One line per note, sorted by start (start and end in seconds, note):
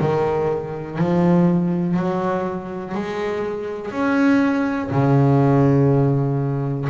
0.00 0.98 D#3
0.98 1.97 F3
1.97 2.95 F#3
2.95 3.92 G#3
3.92 4.90 C#4
4.91 6.88 C#3